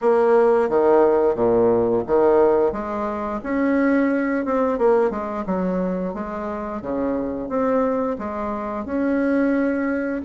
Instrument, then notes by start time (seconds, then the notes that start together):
bassoon
0.01 A#3
0.69 D#3
1.35 A#2
2.06 D#3
2.72 G#3
3.43 C#4
4.45 C4
4.78 A#3
5.10 G#3
5.45 F#3
6.14 G#3
6.81 C#3
7.48 C4
8.18 G#3
8.85 C#4